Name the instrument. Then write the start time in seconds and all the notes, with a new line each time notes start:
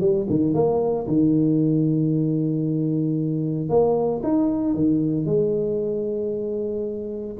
tuba
0.00 G3
0.29 D#3
0.54 A#3
1.07 D#3
3.69 A#3
4.23 D#4
4.74 D#3
5.25 G#3